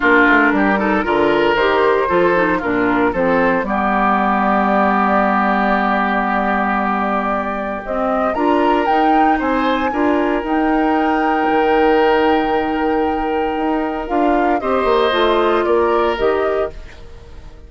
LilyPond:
<<
  \new Staff \with { instrumentName = "flute" } { \time 4/4 \tempo 4 = 115 ais'2. c''4~ | c''4 ais'4 c''4 d''4~ | d''1~ | d''2. dis''4 |
ais''4 g''4 gis''2 | g''1~ | g''2. f''4 | dis''2 d''4 dis''4 | }
  \new Staff \with { instrumentName = "oboe" } { \time 4/4 f'4 g'8 a'8 ais'2 | a'4 f'4 a'4 g'4~ | g'1~ | g'1 |
ais'2 c''4 ais'4~ | ais'1~ | ais'1 | c''2 ais'2 | }
  \new Staff \with { instrumentName = "clarinet" } { \time 4/4 d'4. dis'8 f'4 g'4 | f'8 dis'8 d'4 c'4 b4~ | b1~ | b2. c'4 |
f'4 dis'2 f'4 | dis'1~ | dis'2. f'4 | g'4 f'2 g'4 | }
  \new Staff \with { instrumentName = "bassoon" } { \time 4/4 ais8 a8 g4 d4 dis4 | f4 ais,4 f4 g4~ | g1~ | g2. c'4 |
d'4 dis'4 c'4 d'4 | dis'2 dis2~ | dis2 dis'4 d'4 | c'8 ais8 a4 ais4 dis4 | }
>>